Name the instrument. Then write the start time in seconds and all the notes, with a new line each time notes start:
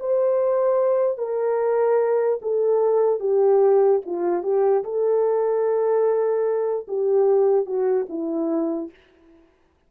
horn
0.00 C5
1.18 A#4
2.42 A4
3.20 G4
4.06 F4
4.43 G4
4.84 A4
6.88 G4
7.66 F#4
8.09 E4